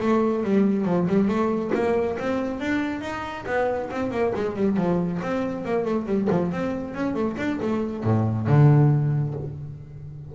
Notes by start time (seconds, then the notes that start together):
0.00 A3
0.43 G3
0.85 F3
1.08 G3
1.28 A3
1.74 A#3
2.19 C4
2.60 D4
3.01 D#4
3.46 B3
3.90 C4
4.11 A#3
4.35 G#3
4.56 G3
4.77 F3
5.22 C4
5.65 A#3
5.85 A3
6.06 G3
6.30 F3
6.52 C4
6.94 C#4
7.14 A3
7.37 D4
7.62 A3
8.04 A2
8.47 D3